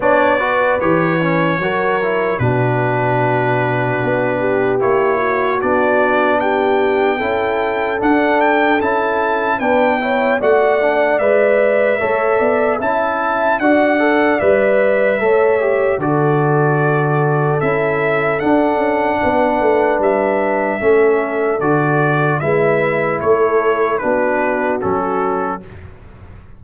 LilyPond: <<
  \new Staff \with { instrumentName = "trumpet" } { \time 4/4 \tempo 4 = 75 d''4 cis''2 b'4~ | b'2 cis''4 d''4 | g''2 fis''8 g''8 a''4 | g''4 fis''4 e''2 |
a''4 fis''4 e''2 | d''2 e''4 fis''4~ | fis''4 e''2 d''4 | e''4 cis''4 b'4 a'4 | }
  \new Staff \with { instrumentName = "horn" } { \time 4/4 cis''8 b'4. ais'4 fis'4~ | fis'4. g'4 fis'4. | g'4 a'2. | b'8 cis''8 d''2 cis''8 d''8 |
e''4 d''2 cis''4 | a'1 | b'2 a'2 | b'4 a'4 fis'2 | }
  \new Staff \with { instrumentName = "trombone" } { \time 4/4 d'8 fis'8 g'8 cis'8 fis'8 e'8 d'4~ | d'2 e'4 d'4~ | d'4 e'4 d'4 e'4 | d'8 e'8 fis'8 d'8 b'4 a'4 |
e'4 fis'8 a'8 b'4 a'8 g'8 | fis'2 e'4 d'4~ | d'2 cis'4 fis'4 | e'2 d'4 cis'4 | }
  \new Staff \with { instrumentName = "tuba" } { \time 4/4 b4 e4 fis4 b,4~ | b,4 b4 ais4 b4~ | b4 cis'4 d'4 cis'4 | b4 a4 gis4 a8 b8 |
cis'4 d'4 g4 a4 | d2 cis'4 d'8 cis'8 | b8 a8 g4 a4 d4 | gis4 a4 b4 fis4 | }
>>